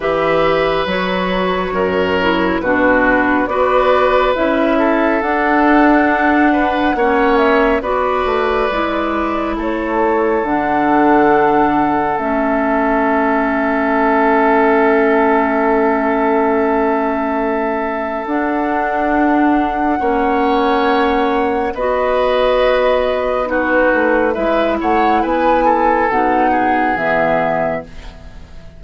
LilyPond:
<<
  \new Staff \with { instrumentName = "flute" } { \time 4/4 \tempo 4 = 69 e''4 cis''2 b'4 | d''4 e''4 fis''2~ | fis''8 e''8 d''2 cis''4 | fis''2 e''2~ |
e''1~ | e''4 fis''2.~ | fis''4 dis''2 b'4 | e''8 fis''8 gis''4 fis''4 e''4 | }
  \new Staff \with { instrumentName = "oboe" } { \time 4/4 b'2 ais'4 fis'4 | b'4. a'2 b'8 | cis''4 b'2 a'4~ | a'1~ |
a'1~ | a'2. cis''4~ | cis''4 b'2 fis'4 | b'8 cis''8 b'8 a'4 gis'4. | }
  \new Staff \with { instrumentName = "clarinet" } { \time 4/4 g'4 fis'4. e'8 d'4 | fis'4 e'4 d'2 | cis'4 fis'4 e'2 | d'2 cis'2~ |
cis'1~ | cis'4 d'2 cis'4~ | cis'4 fis'2 dis'4 | e'2 dis'4 b4 | }
  \new Staff \with { instrumentName = "bassoon" } { \time 4/4 e4 fis4 fis,4 b,4 | b4 cis'4 d'2 | ais4 b8 a8 gis4 a4 | d2 a2~ |
a1~ | a4 d'2 ais4~ | ais4 b2~ b8 a8 | gis8 a8 b4 b,4 e4 | }
>>